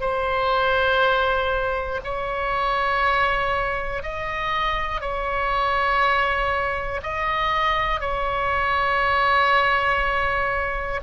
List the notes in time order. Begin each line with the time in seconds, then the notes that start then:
0.00 C5
2.04 C#5
4.03 D#5
5.00 C#5
7.03 D#5
8.00 C#5